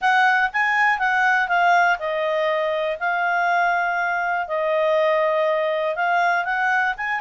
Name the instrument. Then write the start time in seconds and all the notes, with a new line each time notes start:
clarinet
0.01 F#5
0.52 G#5
0.98 F#5
1.48 F5
1.98 D#5
2.99 F5
4.47 D#5
5.95 F5
6.44 F#5
6.97 G#5